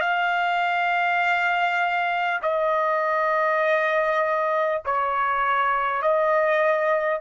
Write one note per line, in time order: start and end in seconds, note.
0.00 2.40 F5
2.42 4.82 D#5
4.85 6.02 C#5
6.02 7.21 D#5